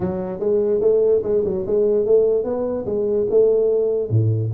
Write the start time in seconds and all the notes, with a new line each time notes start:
0.00 F#3
0.39 G#3
0.81 A3
1.23 G#3
1.44 F#3
1.66 G#3
2.05 A3
2.44 B3
2.85 G#3
3.30 A3
4.09 A2